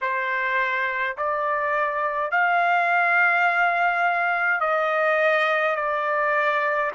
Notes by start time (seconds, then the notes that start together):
0.01 C5
1.17 D5
2.31 F5
4.60 D#5
5.75 D5